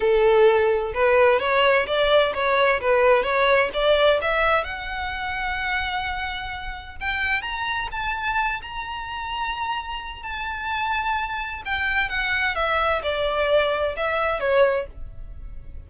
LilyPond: \new Staff \with { instrumentName = "violin" } { \time 4/4 \tempo 4 = 129 a'2 b'4 cis''4 | d''4 cis''4 b'4 cis''4 | d''4 e''4 fis''2~ | fis''2. g''4 |
ais''4 a''4. ais''4.~ | ais''2 a''2~ | a''4 g''4 fis''4 e''4 | d''2 e''4 cis''4 | }